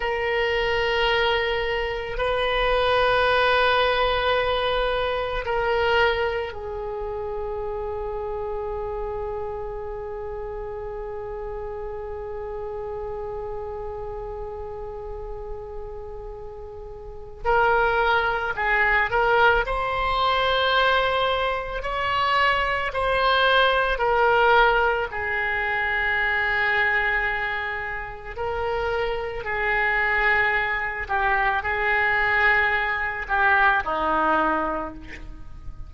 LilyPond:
\new Staff \with { instrumentName = "oboe" } { \time 4/4 \tempo 4 = 55 ais'2 b'2~ | b'4 ais'4 gis'2~ | gis'1~ | gis'1 |
ais'4 gis'8 ais'8 c''2 | cis''4 c''4 ais'4 gis'4~ | gis'2 ais'4 gis'4~ | gis'8 g'8 gis'4. g'8 dis'4 | }